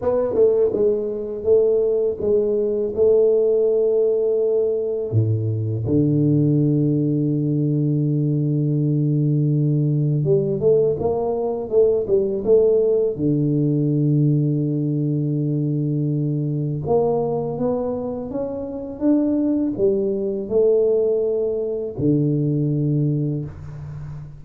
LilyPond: \new Staff \with { instrumentName = "tuba" } { \time 4/4 \tempo 4 = 82 b8 a8 gis4 a4 gis4 | a2. a,4 | d1~ | d2 g8 a8 ais4 |
a8 g8 a4 d2~ | d2. ais4 | b4 cis'4 d'4 g4 | a2 d2 | }